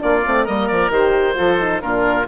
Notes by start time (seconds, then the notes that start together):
0.00 A#3 D4 F4 D5
0.27 A3 C4
0.44 G3 A#3 A#4 D#5
0.69 F3 D5
0.90 D#3 G4 C5
1.36 F3 F4 A4
1.59 D#4
1.82 A#2 D4 F4 A#4